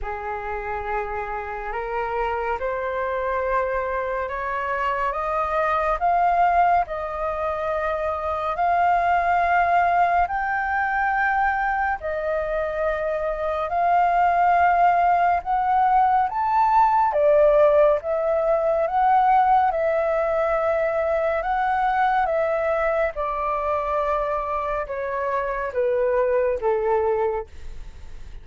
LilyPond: \new Staff \with { instrumentName = "flute" } { \time 4/4 \tempo 4 = 70 gis'2 ais'4 c''4~ | c''4 cis''4 dis''4 f''4 | dis''2 f''2 | g''2 dis''2 |
f''2 fis''4 a''4 | d''4 e''4 fis''4 e''4~ | e''4 fis''4 e''4 d''4~ | d''4 cis''4 b'4 a'4 | }